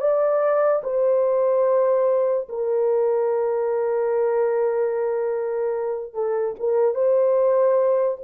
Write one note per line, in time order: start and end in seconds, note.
0.00 0.82 D5
0.83 2.48 C5
2.49 6.14 A#4
6.14 6.55 A4
6.59 6.95 A#4
6.95 8.18 C5